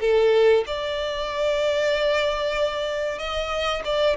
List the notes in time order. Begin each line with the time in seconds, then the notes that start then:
0.00 A4
0.66 D5
3.19 D#5
3.84 D5